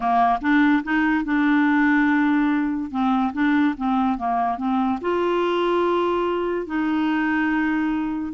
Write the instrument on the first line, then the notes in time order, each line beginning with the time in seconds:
clarinet
0.00 A#3
0.41 D4
0.83 D#4
1.24 D4
2.90 C4
3.33 D4
3.77 C4
4.18 A#3
4.57 C4
5.01 F4
6.66 D#4